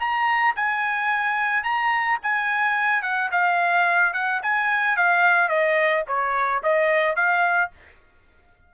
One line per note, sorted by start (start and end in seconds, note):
0.00 0.55 A#5
0.56 1.64 G#5
1.64 2.19 A#5
2.23 3.02 G#5
3.02 3.30 F#5
3.32 4.13 F5
4.13 4.41 F#5
4.43 4.97 G#5
4.97 5.49 F5
5.49 6.04 D#5
6.07 6.62 C#5
6.63 7.16 D#5
7.16 7.71 F5